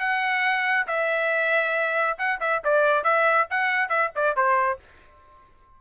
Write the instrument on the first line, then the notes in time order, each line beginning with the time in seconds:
trumpet
0.00 F#5
0.87 E5
2.18 F#5
2.41 E5
2.65 D5
3.04 E5
3.50 F#5
3.89 E5
4.16 D5
4.36 C5